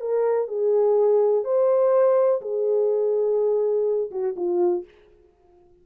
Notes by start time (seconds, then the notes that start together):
0.00 A#4
0.48 G#4
1.44 C5
2.41 G#4
4.10 F#4
4.36 F4